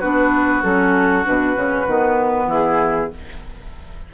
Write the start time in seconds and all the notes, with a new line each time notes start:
0.00 B3 D4 F#4 B4
0.63 F#3 C#4 A4
1.25 B2 D4 B4
1.56 C#3 C#4
1.87 D#3 B3
2.47 E3 E4 G#4